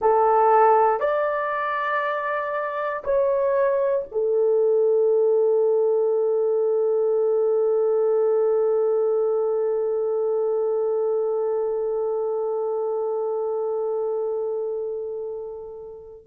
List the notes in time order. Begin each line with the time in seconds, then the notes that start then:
0.01 A4
0.99 D5
3.04 C#5
4.11 A4